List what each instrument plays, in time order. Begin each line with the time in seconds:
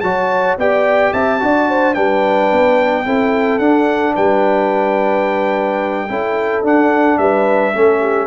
0.00 tuba F#3, trombone F#4, horn C#5, trumpet A5
0.57 tuba B3, trombone G4, horn D5, trumpet G5
1.13 tuba C4, horn E5, trumpet A5
1.39 tuba D4, trombone F#4, horn D5
1.69 horn C5
1.94 tuba G3, trombone D4, horn B4, trumpet G5
2.51 tuba B3
3.05 tuba C4, trombone E4, horn A4
3.58 tuba D4, trombone D4, trumpet F#5
4.14 tuba G3, horn B4, trumpet G5
6.09 tuba C#4, trombone E4, horn A4
6.63 tuba D4, trombone D4, trumpet F#5
7.18 tuba G3, horn B4, trumpet E5
7.74 tuba A3, trombone C#4, horn A4
8.00 horn G4